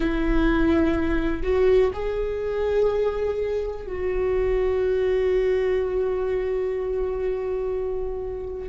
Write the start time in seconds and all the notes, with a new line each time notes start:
0.00 E4
1.43 F#4
1.93 G#4
3.87 F#4